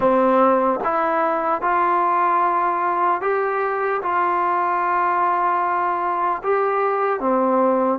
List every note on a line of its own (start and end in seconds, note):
0.00 0.80 C4
0.84 1.61 E4
1.61 3.21 F4
3.21 4.01 G4
4.01 6.41 F4
6.43 7.20 G4
7.20 7.99 C4